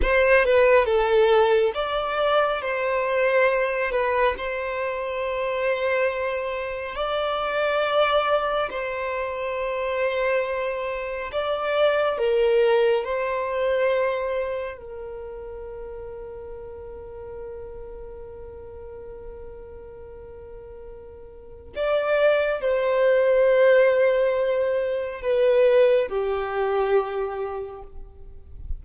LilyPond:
\new Staff \with { instrumentName = "violin" } { \time 4/4 \tempo 4 = 69 c''8 b'8 a'4 d''4 c''4~ | c''8 b'8 c''2. | d''2 c''2~ | c''4 d''4 ais'4 c''4~ |
c''4 ais'2.~ | ais'1~ | ais'4 d''4 c''2~ | c''4 b'4 g'2 | }